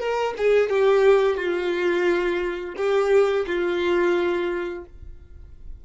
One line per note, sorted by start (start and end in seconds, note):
0.00 0.34 A#4
0.38 0.70 G#4
0.70 1.37 G4
1.37 2.75 F4
2.77 3.46 G4
3.47 4.85 F4